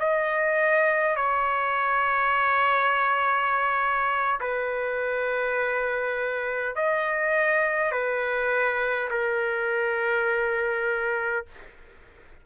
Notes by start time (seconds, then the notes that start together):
0.00 D#5
1.17 C#5
4.41 B4
6.76 D#5
7.92 B4
9.11 A#4